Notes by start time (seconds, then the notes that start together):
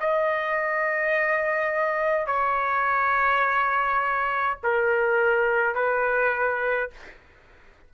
0.00 D#5
2.26 C#5
4.63 A#4
5.74 B4